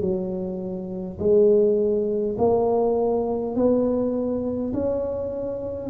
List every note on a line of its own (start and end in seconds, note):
0.00 1.18 F#3
1.19 2.36 G#3
2.37 3.55 A#3
3.55 4.73 B3
4.73 5.90 C#4